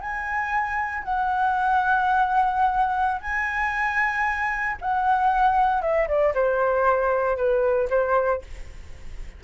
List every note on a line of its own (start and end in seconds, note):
0.00 1.03 G#5
1.03 3.21 F#5
3.21 4.76 G#5
4.81 5.81 F#5
5.81 6.07 E5
6.08 6.34 D5
6.34 7.37 C5
7.37 7.88 B4
7.90 8.41 C5